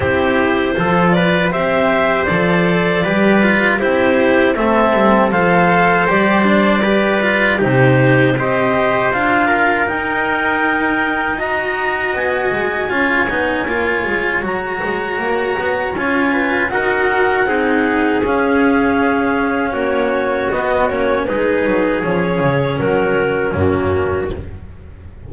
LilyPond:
<<
  \new Staff \with { instrumentName = "clarinet" } { \time 4/4 \tempo 4 = 79 c''4. d''8 e''4 d''4~ | d''4 c''4 e''4 f''4 | d''2 c''4 dis''4 | f''4 g''2 ais''4 |
gis''2. ais''4~ | ais''4 gis''4 fis''2 | f''2 cis''4 dis''8 cis''8 | b'4 cis''4 ais'4 fis'4 | }
  \new Staff \with { instrumentName = "trumpet" } { \time 4/4 g'4 a'8 b'8 c''2 | b'4 g'4 a'4 c''4~ | c''4 b'4 g'4 c''4~ | c''8 ais'2~ ais'8 dis''4~ |
dis''4 cis''2.~ | cis''4. b'8 ais'4 gis'4~ | gis'2 fis'2 | gis'2 fis'4 cis'4 | }
  \new Staff \with { instrumentName = "cello" } { \time 4/4 e'4 f'4 g'4 a'4 | g'8 f'8 e'4 c'4 a'4 | g'8 d'8 g'8 f'8 dis'4 g'4 | f'4 dis'2 fis'4~ |
fis'4 f'8 dis'8 f'4 fis'4~ | fis'4 f'4 fis'4 dis'4 | cis'2. b8 cis'8 | dis'4 cis'2 ais4 | }
  \new Staff \with { instrumentName = "double bass" } { \time 4/4 c'4 f4 c'4 f4 | g4 c'4 a8 g8 f4 | g2 c4 c'4 | d'4 dis'2. |
b8 gis8 cis'8 b8 ais8 gis8 fis8 gis8 | ais8 b8 cis'4 dis'4 c'4 | cis'2 ais4 b8 ais8 | gis8 fis8 f8 cis8 fis4 fis,4 | }
>>